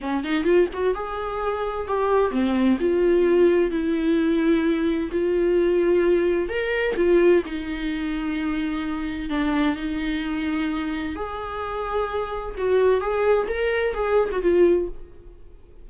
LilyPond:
\new Staff \with { instrumentName = "viola" } { \time 4/4 \tempo 4 = 129 cis'8 dis'8 f'8 fis'8 gis'2 | g'4 c'4 f'2 | e'2. f'4~ | f'2 ais'4 f'4 |
dis'1 | d'4 dis'2. | gis'2. fis'4 | gis'4 ais'4 gis'8. fis'16 f'4 | }